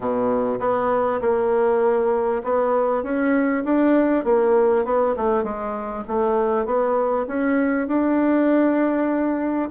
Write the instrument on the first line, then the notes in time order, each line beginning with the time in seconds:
bassoon
0.00 B2
0.59 B3
1.21 A#3
2.43 B3
3.03 C#4
3.64 D4
4.24 A#3
4.85 B3
5.16 A3
5.43 G#3
6.07 A3
6.65 B3
7.27 C#4
7.87 D4